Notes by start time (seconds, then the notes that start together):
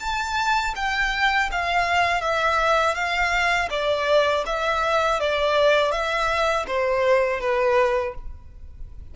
0.00 A5
0.75 G5
1.52 F5
2.21 E5
2.95 F5
3.70 D5
4.46 E5
5.20 D5
5.92 E5
6.67 C5
7.40 B4